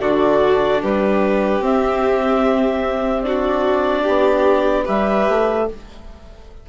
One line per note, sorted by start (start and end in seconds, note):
0.00 0.81 D3
0.00 1.62 D4
0.00 0.82 F#4
0.00 0.82 D5
0.82 1.61 G3
0.82 3.26 G4
0.82 1.64 B4
1.61 4.04 C4
1.61 3.24 C4
1.61 3.23 E5
3.23 4.85 D4
3.23 4.03 F#4
3.23 4.85 D5
4.03 4.88 B3
4.03 4.84 G4
4.85 5.29 G3
4.85 5.66 G4
4.85 5.67 B4
4.85 5.69 E5
5.29 5.69 A3